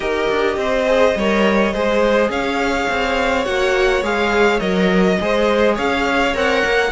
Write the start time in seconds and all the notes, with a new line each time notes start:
0.00 D#4 G4 A#4 D#5
0.29 D4
0.56 C4 C5
0.86 G#4
1.15 G3 A#4 C#5
1.73 G#3 G#4 C5
2.29 C#4 C#5 F5
2.89 C4
3.45 A#3 F#4 F#5
4.02 G#3 G#4 F5
4.59 F#3 A#4 D#5
5.20 G#3 G#4 C5
5.74 C#4 C#5 F5
6.34 C4 A#4 F#5
6.65 A#3